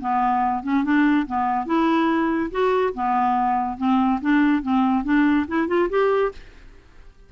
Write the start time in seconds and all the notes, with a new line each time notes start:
0.00 B3
0.63 C#4
0.84 D4
1.26 B3
1.65 E4
2.51 F#4
2.93 B3
3.77 C4
4.21 D4
4.62 C4
5.04 D4
5.47 E4
5.67 F4
5.89 G4